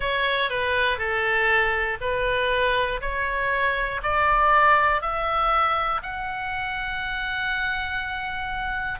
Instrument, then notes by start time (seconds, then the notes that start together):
oboe
0.00 C#5
0.50 B4
0.98 A4
2.00 B4
3.01 C#5
4.02 D5
5.01 E5
6.02 F#5